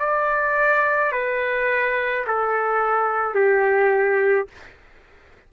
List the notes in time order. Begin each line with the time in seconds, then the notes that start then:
0.00 D5
1.12 B4
2.27 A4
3.35 G4